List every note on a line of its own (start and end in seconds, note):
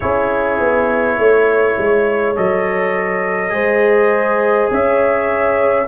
0.00 0.59 C#4
0.00 2.35 E4
0.00 1.17 G#4
0.00 2.35 C#5
0.59 1.18 B3
1.18 1.77 A3
1.18 3.53 C#5
1.77 2.36 G#3
2.35 3.52 F#3
2.35 3.49 A4
2.35 4.71 D#5
3.49 4.69 G#3
3.49 5.85 G#4
3.49 4.71 C5
4.70 5.87 C#4
4.70 5.87 C#5
4.70 5.87 E5